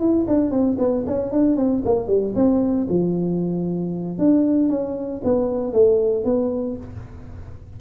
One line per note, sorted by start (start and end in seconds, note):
0.00 0.26 E4
0.28 0.51 D4
0.51 0.77 C4
0.79 1.05 B3
1.07 1.32 C#4
1.32 1.57 D4
1.57 1.83 C4
1.85 2.08 A#3
2.08 2.34 G3
2.35 2.87 C4
2.89 4.19 F3
4.19 4.70 D4
4.70 5.22 C#4
5.24 5.73 B3
5.73 6.25 A3
6.25 6.77 B3